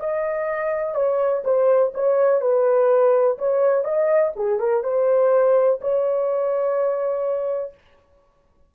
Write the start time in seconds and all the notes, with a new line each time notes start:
0.00 D#5
0.95 C#5
1.44 C5
1.94 C#5
2.41 B4
3.38 C#5
3.84 D#5
4.36 G#4
4.59 A#4
4.83 C5
5.81 C#5